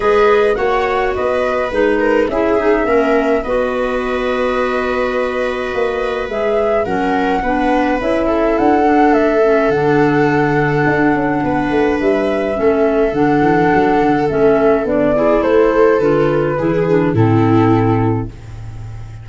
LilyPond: <<
  \new Staff \with { instrumentName = "flute" } { \time 4/4 \tempo 4 = 105 dis''4 fis''4 dis''4 b'4 | e''2 dis''2~ | dis''2. e''4 | fis''2 e''4 fis''4 |
e''4 fis''2.~ | fis''4 e''2 fis''4~ | fis''4 e''4 d''4 c''4 | b'2 a'2 | }
  \new Staff \with { instrumentName = "viola" } { \time 4/4 b'4 cis''4 b'4. ais'8 | gis'4 ais'4 b'2~ | b'1 | ais'4 b'4. a'4.~ |
a'1 | b'2 a'2~ | a'2~ a'8 gis'8 a'4~ | a'4 gis'4 e'2 | }
  \new Staff \with { instrumentName = "clarinet" } { \time 4/4 gis'4 fis'2 dis'4 | e'8 dis'8 cis'4 fis'2~ | fis'2. gis'4 | cis'4 d'4 e'4. d'8~ |
d'8 cis'8 d'2.~ | d'2 cis'4 d'4~ | d'4 cis'4 d'8 e'4. | f'4 e'8 d'8 c'2 | }
  \new Staff \with { instrumentName = "tuba" } { \time 4/4 gis4 ais4 b4 gis4 | cis'4 ais4 b2~ | b2 ais4 gis4 | fis4 b4 cis'4 d'4 |
a4 d2 d'8 cis'8 | b8 a8 g4 a4 d8 e8 | fis8 d8 a4 b4 a4 | d4 e4 a,2 | }
>>